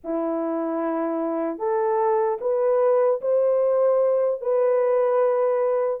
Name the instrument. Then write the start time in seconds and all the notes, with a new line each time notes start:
horn
0.04 E4
1.58 A4
2.40 B4
3.21 C5
4.41 B4